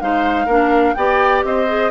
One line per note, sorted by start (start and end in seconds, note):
0.00 0.47 G#3
0.00 0.48 D#4
0.00 0.46 C5
0.00 0.94 F5
0.46 0.94 A#3
0.46 0.96 D4
0.46 0.93 A#4
0.94 1.44 B3
0.94 1.67 G4
0.94 1.45 D5
0.94 1.42 G5
1.44 1.91 C4
1.44 1.91 C5
1.44 1.91 D#5
1.67 1.91 G#4